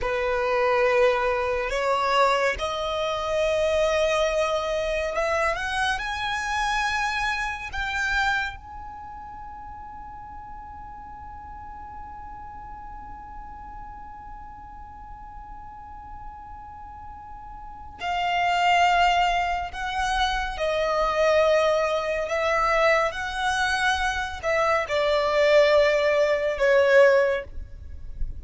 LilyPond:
\new Staff \with { instrumentName = "violin" } { \time 4/4 \tempo 4 = 70 b'2 cis''4 dis''4~ | dis''2 e''8 fis''8 gis''4~ | gis''4 g''4 gis''2~ | gis''1~ |
gis''1~ | gis''4 f''2 fis''4 | dis''2 e''4 fis''4~ | fis''8 e''8 d''2 cis''4 | }